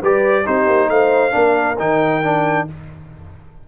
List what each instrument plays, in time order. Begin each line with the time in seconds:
0.00 tuba G3, trombone G4, horn B4, trumpet D5
0.45 tuba C4, trombone D#4, horn G4, trumpet C5
0.67 tuba A#3
0.89 tuba A3, horn C5, trumpet F5
1.31 tuba A#3, trombone D4, horn A#4
1.79 tuba D#3, trombone D#4, trumpet G5
2.23 trombone D4